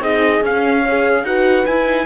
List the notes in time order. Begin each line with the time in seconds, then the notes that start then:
0.00 C4 D#4 G#4 D#5
0.41 C#4 F5
0.83 G#4 C#5
1.24 D#4 F#4 B4 F#5
1.66 E4 G#5
1.86 D#4